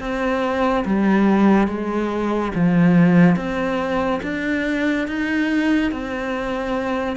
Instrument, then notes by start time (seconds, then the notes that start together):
cello
0.00 C4
0.86 G3
1.68 G#3
2.55 F3
3.36 C4
4.23 D4
5.08 D#4
5.92 C4